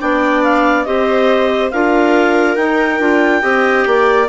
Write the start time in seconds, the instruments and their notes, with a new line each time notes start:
0.00 bassoon B3, clarinet D4 G5, viola D5
0.43 clarinet F5
0.84 bassoon C4, clarinet G4 D#5, viola C5
1.71 bassoon D4, clarinet F4 F5, viola A#4
2.56 bassoon D#4, clarinet D#4 G5
2.99 bassoon D4, clarinet F4
3.41 bassoon C4, clarinet G4, viola D#5
3.86 bassoon A#3, viola D5